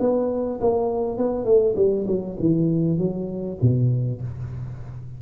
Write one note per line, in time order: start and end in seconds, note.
0.00 0.60 B3
0.61 1.18 A#3
1.18 1.45 B3
1.45 1.75 A3
1.76 2.06 G3
2.07 2.37 F#3
2.40 2.99 E3
2.99 3.59 F#3
3.62 4.22 B2